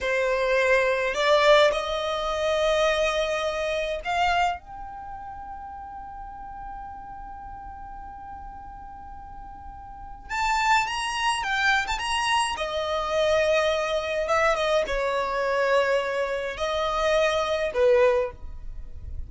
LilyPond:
\new Staff \with { instrumentName = "violin" } { \time 4/4 \tempo 4 = 105 c''2 d''4 dis''4~ | dis''2. f''4 | g''1~ | g''1~ |
g''2 a''4 ais''4 | g''8. a''16 ais''4 dis''2~ | dis''4 e''8 dis''8 cis''2~ | cis''4 dis''2 b'4 | }